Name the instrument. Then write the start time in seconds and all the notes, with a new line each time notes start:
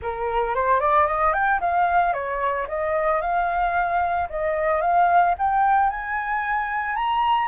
flute
0.02 A#4
0.54 C5
0.79 D5
1.06 D#5
1.33 G5
1.60 F5
2.13 C#5
2.68 D#5
3.21 F5
4.29 D#5
4.81 F5
5.38 G5
5.90 G#5
6.95 A#5